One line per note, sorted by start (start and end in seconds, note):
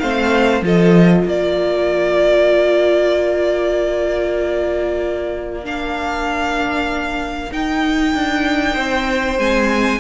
0.00 0.62 A3
0.00 0.63 C4
0.00 0.65 C5
0.00 0.62 F5
0.62 1.25 F3
0.62 5.63 F4
0.62 1.27 A4
0.62 1.29 D#5
1.26 7.51 A#3
1.26 8.74 A#4
1.26 5.66 D5
5.64 7.51 D4
5.64 7.53 F5
7.52 8.15 D#4
7.52 9.39 D#4
7.52 9.39 G5
8.15 8.77 D4
8.74 9.39 C4
8.74 9.99 C5
9.39 10.00 G#3
9.39 10.00 C4
9.39 10.00 G#5